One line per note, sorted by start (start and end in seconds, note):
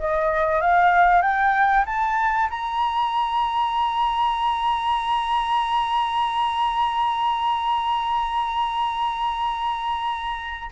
0.00 0.62 D#5
0.62 1.22 F5
1.22 1.85 G5
1.86 2.49 A5
2.50 10.71 A#5